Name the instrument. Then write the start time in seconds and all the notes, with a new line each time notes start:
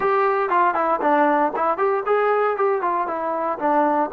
trombone
0.00 G4
0.49 F4
0.74 E4
1.01 D4
1.56 E4
1.77 G4
2.05 G#4
2.56 G4
2.81 F4
3.07 E4
3.59 D4